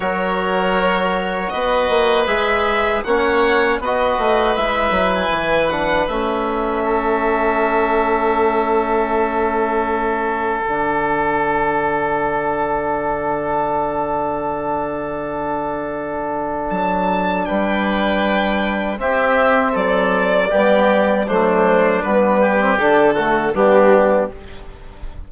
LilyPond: <<
  \new Staff \with { instrumentName = "violin" } { \time 4/4 \tempo 4 = 79 cis''2 dis''4 e''4 | fis''4 dis''4 e''8. gis''8. fis''8 | e''1~ | e''2 fis''2~ |
fis''1~ | fis''2 a''4 g''4~ | g''4 e''4 d''2 | c''4 b'4 a'4 g'4 | }
  \new Staff \with { instrumentName = "oboe" } { \time 4/4 ais'2 b'2 | cis''4 b'2.~ | b'4 a'2.~ | a'1~ |
a'1~ | a'2. b'4~ | b'4 g'4 a'4 g'4 | d'4. g'4 fis'8 d'4 | }
  \new Staff \with { instrumentName = "trombone" } { \time 4/4 fis'2. gis'4 | cis'4 fis'4 e'4. d'8 | cis'1~ | cis'2 d'2~ |
d'1~ | d'1~ | d'4 c'2 b4 | a4 b8. c'16 d'8 a8 b4 | }
  \new Staff \with { instrumentName = "bassoon" } { \time 4/4 fis2 b8 ais8 gis4 | ais4 b8 a8 gis8 fis8 e4 | a1~ | a2 d2~ |
d1~ | d2 fis4 g4~ | g4 c'4 fis4 g4 | fis4 g4 d4 g4 | }
>>